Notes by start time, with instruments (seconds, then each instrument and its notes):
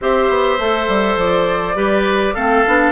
0.01 bassoon C4, clarinet G4, oboe C5, flute E5
0.29 bassoon B3
0.59 bassoon A3, clarinet A4
0.87 bassoon G3
1.16 bassoon F3, flute D5
1.75 bassoon G3, clarinet G4, oboe B4
2.34 bassoon A3, clarinet C4, oboe A4, flute F5
2.66 bassoon B3, clarinet D4